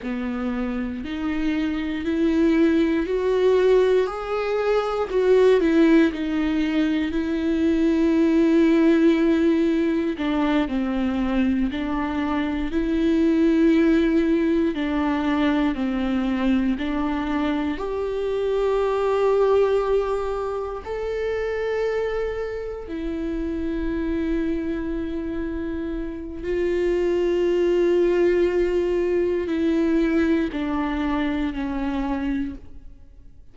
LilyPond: \new Staff \with { instrumentName = "viola" } { \time 4/4 \tempo 4 = 59 b4 dis'4 e'4 fis'4 | gis'4 fis'8 e'8 dis'4 e'4~ | e'2 d'8 c'4 d'8~ | d'8 e'2 d'4 c'8~ |
c'8 d'4 g'2~ g'8~ | g'8 a'2 e'4.~ | e'2 f'2~ | f'4 e'4 d'4 cis'4 | }